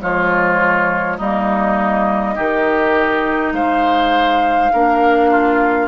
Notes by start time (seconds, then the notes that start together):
0.00 F3 G#3 F4 C#5
1.17 G3 A#3 D#4 D#5
2.35 D#3 D#4 G4
3.52 G#3 C5 F5
4.73 A#3 D4 A#4
5.30 F4